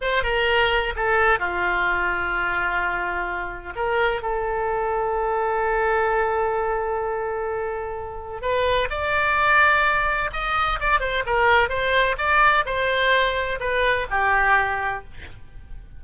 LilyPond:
\new Staff \with { instrumentName = "oboe" } { \time 4/4 \tempo 4 = 128 c''8 ais'4. a'4 f'4~ | f'1 | ais'4 a'2.~ | a'1~ |
a'2 b'4 d''4~ | d''2 dis''4 d''8 c''8 | ais'4 c''4 d''4 c''4~ | c''4 b'4 g'2 | }